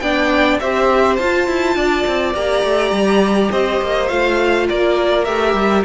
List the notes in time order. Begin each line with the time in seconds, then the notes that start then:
0.00 B3 D4 D5 G5
0.60 C4 G4 C5 E5
1.17 F4 A5
1.48 E4
1.76 D4 D5
2.08 C4
2.35 A#3 G4 A#5
2.64 A3
2.91 G3
3.51 C4 C5 D#5
3.82 A#3
4.09 A3 F4 F5
4.69 A#3 A#4 D5
5.25 A3 G4 E5
5.54 G3